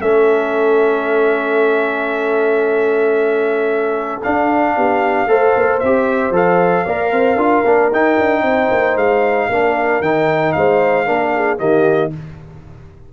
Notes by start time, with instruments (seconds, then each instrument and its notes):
0.00 tuba A3, trombone C#4, horn A4, trumpet E5
4.23 trombone D4, tuba D4, trumpet F5
4.76 tuba B3, horn G4
5.26 tuba A3, trombone A4, horn C5
5.55 tuba A#3
5.79 tuba C4, trumpet E5
5.85 trombone G4
6.30 tuba F3, trombone A4, trumpet F5
6.84 tuba A#3, trombone A#4, horn D5
7.11 tuba C4, horn C5
7.35 tuba D4, trombone F4, horn A#4
7.64 tuba A#3, trombone D4
7.91 tuba D#4, trombone D#4, trumpet G5
8.18 tuba D4
8.42 tuba C4, horn C5
8.71 tuba A#3
8.95 tuba G#3, trumpet F5
9.48 tuba A#3, trombone D4, horn A#4
10.00 tuba D#3, trombone D#4, trumpet G5
10.52 tuba G#3, horn C5, trumpet F5
11.05 tuba A#3, trombone D4, horn A#4
11.34 horn G#4
11.57 tuba D#3, trombone A#3, horn G4, trumpet D#5